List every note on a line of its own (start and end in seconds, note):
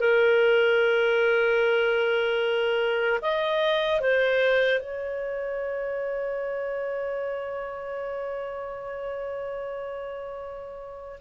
0.00 3.20 A#4
3.21 4.00 D#5
4.00 4.80 C5
4.80 11.20 C#5